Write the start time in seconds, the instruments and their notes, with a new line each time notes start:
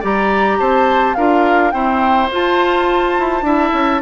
0.00 bassoon G3, clarinet G4, oboe D5, flute A#5
0.59 bassoon C4, oboe C5, flute A5
1.14 bassoon D4, clarinet F4, oboe A#4, flute F5
1.71 clarinet C4, bassoon E4, oboe C5, flute G5
2.31 bassoon F4, clarinet F4, flute A5
3.18 bassoon E4
3.41 bassoon D4, clarinet E4, oboe E5
3.73 bassoon C#4